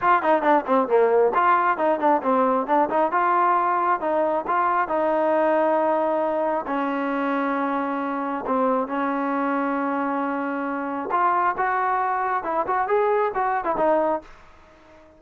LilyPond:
\new Staff \with { instrumentName = "trombone" } { \time 4/4 \tempo 4 = 135 f'8 dis'8 d'8 c'8 ais4 f'4 | dis'8 d'8 c'4 d'8 dis'8 f'4~ | f'4 dis'4 f'4 dis'4~ | dis'2. cis'4~ |
cis'2. c'4 | cis'1~ | cis'4 f'4 fis'2 | e'8 fis'8 gis'4 fis'8. e'16 dis'4 | }